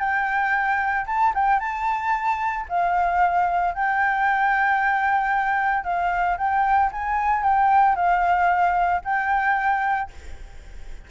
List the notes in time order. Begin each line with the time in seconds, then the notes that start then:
0.00 G5
1.07 A5
1.35 G5
1.60 A5
2.69 F5
3.75 G5
5.85 F5
6.38 G5
6.92 G#5
7.44 G5
7.96 F5
9.05 G5